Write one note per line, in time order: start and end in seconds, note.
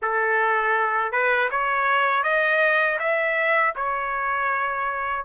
0.02 1.11 A4
1.11 1.49 B4
1.50 2.23 C#5
2.23 2.98 D#5
2.99 3.74 E5
3.75 5.25 C#5